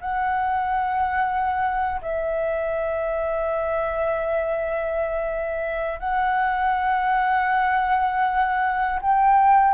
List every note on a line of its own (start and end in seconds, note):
0.00 2.00 F#5
2.01 6.00 E5
6.00 9.00 F#5
9.01 9.74 G5